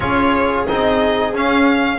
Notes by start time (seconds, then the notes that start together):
0.00 C#4 F4 G#4 C#5
0.67 C4 D#4 D#5
1.33 C#4 F5